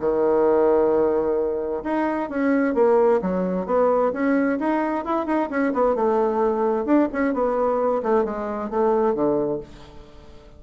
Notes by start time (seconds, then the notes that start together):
0.00 D#3
1.84 D#4
2.30 C#4
2.74 A#3
3.21 F#3
3.66 B3
4.13 C#4
4.59 D#4
5.05 E4
5.26 D#4
5.50 C#4
5.73 B3
5.95 A3
6.85 D4
7.12 C#4
7.33 B3
8.03 A3
8.25 G#3
8.70 A3
9.14 D3